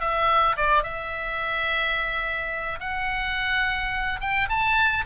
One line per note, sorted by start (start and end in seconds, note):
0.00 0.56 E5
0.56 0.83 D5
0.83 2.79 E5
2.80 4.20 F#5
4.21 4.49 G5
4.49 5.05 A5